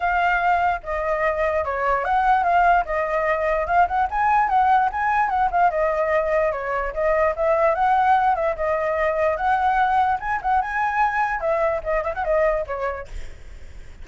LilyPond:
\new Staff \with { instrumentName = "flute" } { \time 4/4 \tempo 4 = 147 f''2 dis''2 | cis''4 fis''4 f''4 dis''4~ | dis''4 f''8 fis''8 gis''4 fis''4 | gis''4 fis''8 f''8 dis''2 |
cis''4 dis''4 e''4 fis''4~ | fis''8 e''8 dis''2 fis''4~ | fis''4 gis''8 fis''8 gis''2 | e''4 dis''8 e''16 fis''16 dis''4 cis''4 | }